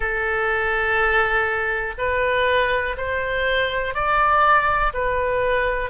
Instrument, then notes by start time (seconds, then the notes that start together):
oboe
0.00 A4
1.98 B4
2.97 C5
3.94 D5
4.93 B4